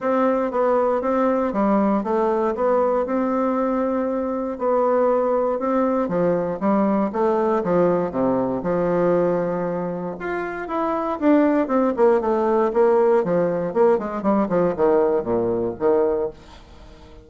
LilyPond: \new Staff \with { instrumentName = "bassoon" } { \time 4/4 \tempo 4 = 118 c'4 b4 c'4 g4 | a4 b4 c'2~ | c'4 b2 c'4 | f4 g4 a4 f4 |
c4 f2. | f'4 e'4 d'4 c'8 ais8 | a4 ais4 f4 ais8 gis8 | g8 f8 dis4 ais,4 dis4 | }